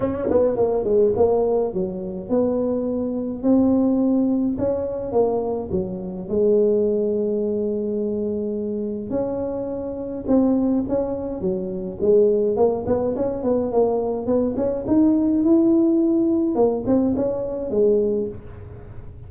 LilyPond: \new Staff \with { instrumentName = "tuba" } { \time 4/4 \tempo 4 = 105 cis'8 b8 ais8 gis8 ais4 fis4 | b2 c'2 | cis'4 ais4 fis4 gis4~ | gis1 |
cis'2 c'4 cis'4 | fis4 gis4 ais8 b8 cis'8 b8 | ais4 b8 cis'8 dis'4 e'4~ | e'4 ais8 c'8 cis'4 gis4 | }